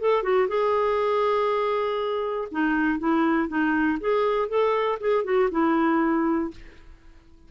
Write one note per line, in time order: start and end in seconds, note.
0.00 0.23 A4
0.23 0.48 F#4
0.48 2.48 G#4
2.51 2.99 D#4
2.99 3.48 E4
3.48 3.98 D#4
4.00 4.48 G#4
4.48 4.98 A4
5.00 5.24 G#4
5.24 5.49 F#4
5.51 6.51 E4